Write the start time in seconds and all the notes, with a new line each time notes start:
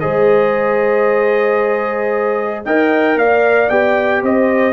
0.00 G#3 G#4 C5 D#5
2.65 D#4 A#4 D#5 G5
3.16 A#3 D5 F5
3.69 B3 G4 G5
4.22 C4 C5 D#5